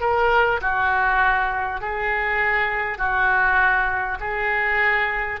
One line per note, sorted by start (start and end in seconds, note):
0.00 0.60 A#4
0.61 1.81 F#4
1.81 2.98 G#4
2.98 4.18 F#4
4.19 5.39 G#4